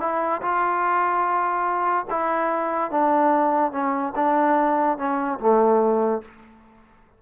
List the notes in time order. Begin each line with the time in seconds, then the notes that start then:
0.00 E4
0.41 F4
2.10 E4
2.91 D4
3.72 C#4
4.15 D4
4.97 C#4
5.39 A3